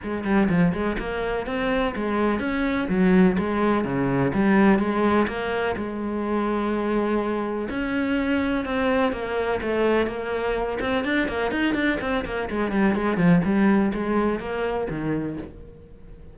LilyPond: \new Staff \with { instrumentName = "cello" } { \time 4/4 \tempo 4 = 125 gis8 g8 f8 gis8 ais4 c'4 | gis4 cis'4 fis4 gis4 | cis4 g4 gis4 ais4 | gis1 |
cis'2 c'4 ais4 | a4 ais4. c'8 d'8 ais8 | dis'8 d'8 c'8 ais8 gis8 g8 gis8 f8 | g4 gis4 ais4 dis4 | }